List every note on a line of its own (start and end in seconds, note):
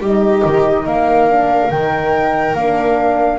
0.00 0.42 G3
0.00 1.29 D#4
0.00 0.85 G4
0.00 0.87 D#5
0.45 0.86 D#3
0.85 1.70 A#3
0.85 3.39 A#4
0.85 1.71 F5
1.29 1.71 D4
1.71 2.55 D#3
1.71 2.56 D#4
1.71 2.55 G5
2.55 3.39 A#3
2.55 3.39 D4
2.55 3.39 F5